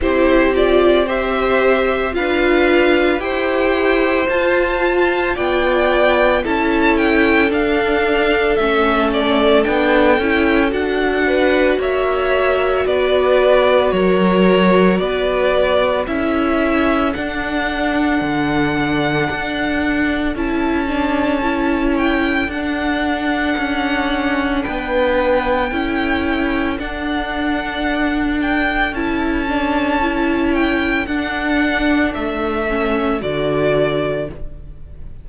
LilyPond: <<
  \new Staff \with { instrumentName = "violin" } { \time 4/4 \tempo 4 = 56 c''8 d''8 e''4 f''4 g''4 | a''4 g''4 a''8 g''8 f''4 | e''8 d''8 g''4 fis''4 e''4 | d''4 cis''4 d''4 e''4 |
fis''2. a''4~ | a''8 g''8 fis''2 g''4~ | g''4 fis''4. g''8 a''4~ | a''8 g''8 fis''4 e''4 d''4 | }
  \new Staff \with { instrumentName = "violin" } { \time 4/4 g'4 c''4 b'4 c''4~ | c''4 d''4 a'2~ | a'2~ a'8 b'8 cis''4 | b'4 ais'4 b'4 a'4~ |
a'1~ | a'2. b'4 | a'1~ | a'1 | }
  \new Staff \with { instrumentName = "viola" } { \time 4/4 e'8 f'8 g'4 f'4 g'4 | f'2 e'4 d'4 | cis'4 d'8 e'8 fis'2~ | fis'2. e'4 |
d'2. e'8 d'8 | e'4 d'2. | e'4 d'2 e'8 d'8 | e'4 d'4. cis'8 fis'4 | }
  \new Staff \with { instrumentName = "cello" } { \time 4/4 c'2 d'4 e'4 | f'4 b4 cis'4 d'4 | a4 b8 cis'8 d'4 ais4 | b4 fis4 b4 cis'4 |
d'4 d4 d'4 cis'4~ | cis'4 d'4 cis'4 b4 | cis'4 d'2 cis'4~ | cis'4 d'4 a4 d4 | }
>>